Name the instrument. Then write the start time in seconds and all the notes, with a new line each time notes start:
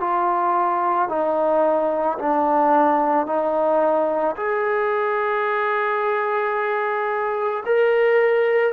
trombone
0.00 F4
1.09 D#4
2.19 D4
3.27 D#4
4.36 G#4
7.66 A#4